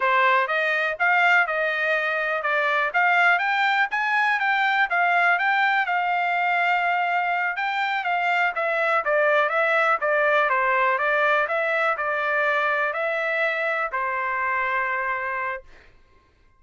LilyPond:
\new Staff \with { instrumentName = "trumpet" } { \time 4/4 \tempo 4 = 123 c''4 dis''4 f''4 dis''4~ | dis''4 d''4 f''4 g''4 | gis''4 g''4 f''4 g''4 | f''2.~ f''8 g''8~ |
g''8 f''4 e''4 d''4 e''8~ | e''8 d''4 c''4 d''4 e''8~ | e''8 d''2 e''4.~ | e''8 c''2.~ c''8 | }